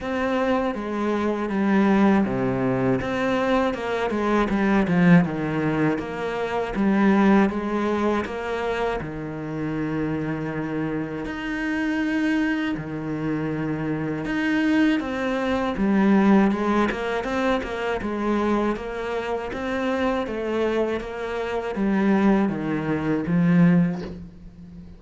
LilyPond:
\new Staff \with { instrumentName = "cello" } { \time 4/4 \tempo 4 = 80 c'4 gis4 g4 c4 | c'4 ais8 gis8 g8 f8 dis4 | ais4 g4 gis4 ais4 | dis2. dis'4~ |
dis'4 dis2 dis'4 | c'4 g4 gis8 ais8 c'8 ais8 | gis4 ais4 c'4 a4 | ais4 g4 dis4 f4 | }